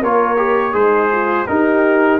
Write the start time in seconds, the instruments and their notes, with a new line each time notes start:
0.00 tuba A#3, trombone F4, horn A#4, trumpet C#5
0.37 trombone G4
0.72 tuba G#3, horn D#4, trombone G#4, trumpet C5
1.11 horn F4
1.47 trombone D#4, tuba D#4, horn G4, trumpet A#4